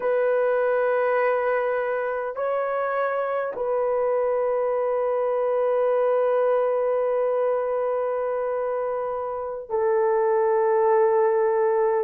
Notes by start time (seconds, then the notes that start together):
0.00 B4
2.35 C#5
3.55 B4
9.70 A4